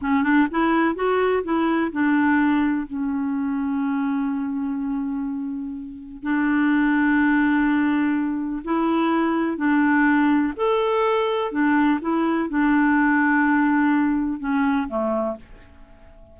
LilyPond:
\new Staff \with { instrumentName = "clarinet" } { \time 4/4 \tempo 4 = 125 cis'8 d'8 e'4 fis'4 e'4 | d'2 cis'2~ | cis'1~ | cis'4 d'2.~ |
d'2 e'2 | d'2 a'2 | d'4 e'4 d'2~ | d'2 cis'4 a4 | }